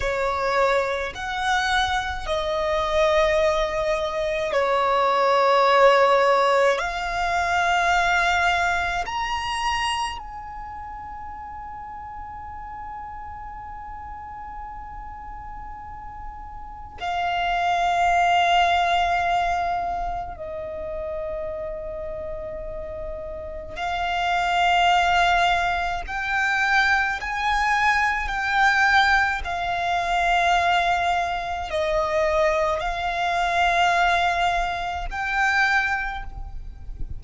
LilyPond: \new Staff \with { instrumentName = "violin" } { \time 4/4 \tempo 4 = 53 cis''4 fis''4 dis''2 | cis''2 f''2 | ais''4 gis''2.~ | gis''2. f''4~ |
f''2 dis''2~ | dis''4 f''2 g''4 | gis''4 g''4 f''2 | dis''4 f''2 g''4 | }